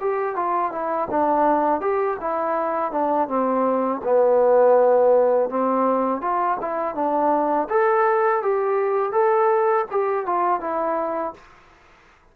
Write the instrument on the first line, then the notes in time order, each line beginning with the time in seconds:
trombone
0.00 G4
0.35 F4
0.71 E4
1.10 D4
1.81 G4
2.20 E4
2.91 D4
3.28 C4
4.03 B3
5.49 C4
6.21 F4
6.61 E4
6.94 D4
7.69 A4
8.42 G4
9.12 A4
9.90 G4
10.26 F4
10.60 E4